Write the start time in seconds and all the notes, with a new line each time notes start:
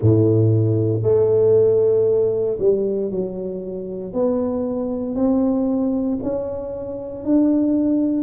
0.01 A2
1.03 A3
2.59 G3
3.10 F#3
4.13 B3
5.15 C4
6.23 C#4
7.25 D4